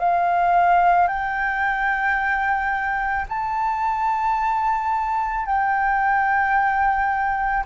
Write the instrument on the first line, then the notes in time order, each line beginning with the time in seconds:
flute
0.00 F5
1.08 G5
3.29 A5
5.46 G5